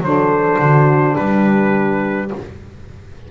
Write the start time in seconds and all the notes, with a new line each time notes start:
0.00 F#3 D4 C5
0.06 A4
0.59 D3 F#4
1.16 G3 G4 B4